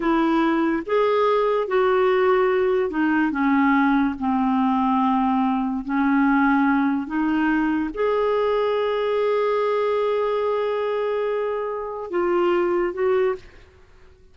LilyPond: \new Staff \with { instrumentName = "clarinet" } { \time 4/4 \tempo 4 = 144 e'2 gis'2 | fis'2. dis'4 | cis'2 c'2~ | c'2 cis'2~ |
cis'4 dis'2 gis'4~ | gis'1~ | gis'1~ | gis'4 f'2 fis'4 | }